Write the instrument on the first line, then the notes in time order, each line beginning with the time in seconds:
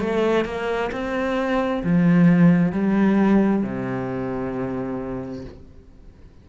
cello
0.00 A3
0.45 A#3
0.92 C4
1.84 F3
2.72 G3
3.63 C3